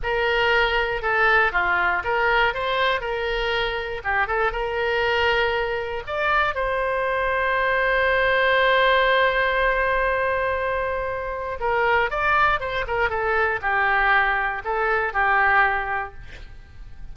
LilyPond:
\new Staff \with { instrumentName = "oboe" } { \time 4/4 \tempo 4 = 119 ais'2 a'4 f'4 | ais'4 c''4 ais'2 | g'8 a'8 ais'2. | d''4 c''2.~ |
c''1~ | c''2. ais'4 | d''4 c''8 ais'8 a'4 g'4~ | g'4 a'4 g'2 | }